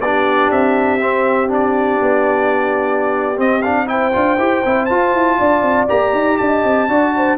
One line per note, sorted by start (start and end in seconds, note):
0.00 0.50 B3
0.00 1.00 D4
0.00 3.88 G4
0.00 0.51 D5
0.51 2.01 C4
0.51 1.51 E5
1.00 1.48 C4
1.48 3.36 D4
1.48 3.40 D5
2.02 3.39 B3
3.36 3.61 C4
3.36 4.14 C4
3.36 3.62 D#5
3.62 3.87 D4
3.62 3.87 F5
3.87 4.12 E4
3.87 5.38 C5
3.87 4.86 G5
4.12 4.38 D4
4.12 4.37 F4
4.38 4.63 E4
4.38 4.64 G4
4.65 4.90 C4
4.65 4.90 E4
4.86 5.88 F4
4.86 5.13 F4
4.86 5.86 A5
5.13 5.38 E4
5.38 5.62 D4
5.38 6.38 D5
5.62 5.87 C4
5.88 6.13 A#3
5.88 6.88 G4
5.88 6.37 A#5
6.13 6.38 D#4
6.37 6.64 D4
6.37 6.90 D#5
6.37 7.37 A5
6.64 6.88 C4
6.88 7.37 D4
6.88 7.37 F#4
6.88 7.15 D5
7.17 7.37 C5